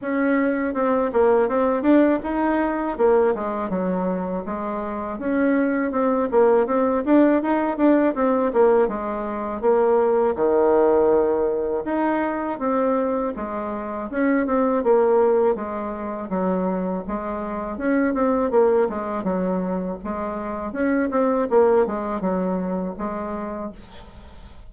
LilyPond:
\new Staff \with { instrumentName = "bassoon" } { \time 4/4 \tempo 4 = 81 cis'4 c'8 ais8 c'8 d'8 dis'4 | ais8 gis8 fis4 gis4 cis'4 | c'8 ais8 c'8 d'8 dis'8 d'8 c'8 ais8 | gis4 ais4 dis2 |
dis'4 c'4 gis4 cis'8 c'8 | ais4 gis4 fis4 gis4 | cis'8 c'8 ais8 gis8 fis4 gis4 | cis'8 c'8 ais8 gis8 fis4 gis4 | }